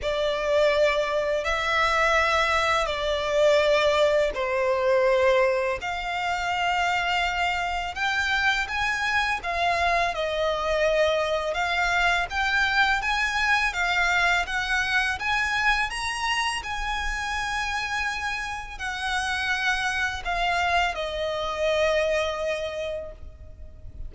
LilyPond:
\new Staff \with { instrumentName = "violin" } { \time 4/4 \tempo 4 = 83 d''2 e''2 | d''2 c''2 | f''2. g''4 | gis''4 f''4 dis''2 |
f''4 g''4 gis''4 f''4 | fis''4 gis''4 ais''4 gis''4~ | gis''2 fis''2 | f''4 dis''2. | }